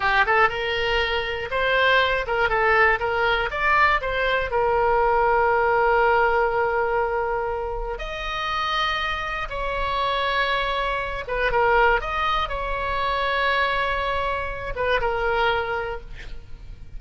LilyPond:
\new Staff \with { instrumentName = "oboe" } { \time 4/4 \tempo 4 = 120 g'8 a'8 ais'2 c''4~ | c''8 ais'8 a'4 ais'4 d''4 | c''4 ais'2.~ | ais'1 |
dis''2. cis''4~ | cis''2~ cis''8 b'8 ais'4 | dis''4 cis''2.~ | cis''4. b'8 ais'2 | }